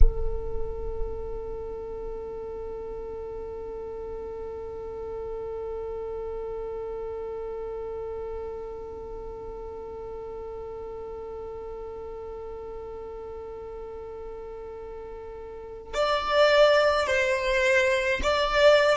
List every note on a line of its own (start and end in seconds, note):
0.00 15.94 A4
15.94 17.06 D5
17.06 18.20 C5
18.22 18.96 D5